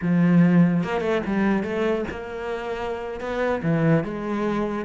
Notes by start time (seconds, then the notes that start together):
0.01 F3
0.83 A#3
1.00 A3
1.25 G3
1.63 A3
2.10 A#3
3.20 B3
3.62 E3
4.04 G#3